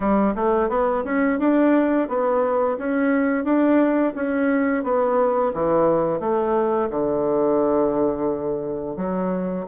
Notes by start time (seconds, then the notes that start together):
0.00 G3
0.35 A3
0.69 B3
1.04 C#4
1.39 D4
2.08 B3
2.77 C#4
3.44 D4
4.15 C#4
4.83 B3
5.53 E3
6.20 A3
6.90 D3
8.96 F#3